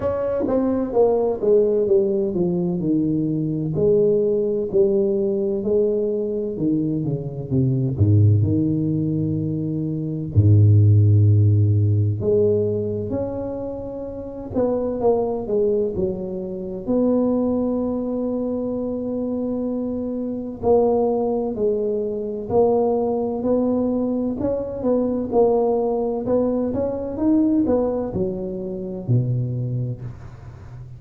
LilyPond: \new Staff \with { instrumentName = "tuba" } { \time 4/4 \tempo 4 = 64 cis'8 c'8 ais8 gis8 g8 f8 dis4 | gis4 g4 gis4 dis8 cis8 | c8 gis,8 dis2 gis,4~ | gis,4 gis4 cis'4. b8 |
ais8 gis8 fis4 b2~ | b2 ais4 gis4 | ais4 b4 cis'8 b8 ais4 | b8 cis'8 dis'8 b8 fis4 b,4 | }